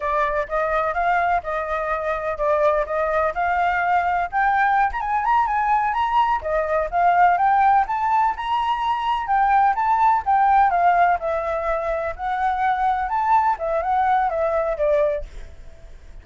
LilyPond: \new Staff \with { instrumentName = "flute" } { \time 4/4 \tempo 4 = 126 d''4 dis''4 f''4 dis''4~ | dis''4 d''4 dis''4 f''4~ | f''4 g''4~ g''16 ais''16 gis''8 ais''8 gis''8~ | gis''8 ais''4 dis''4 f''4 g''8~ |
g''8 a''4 ais''2 g''8~ | g''8 a''4 g''4 f''4 e''8~ | e''4. fis''2 a''8~ | a''8 e''8 fis''4 e''4 d''4 | }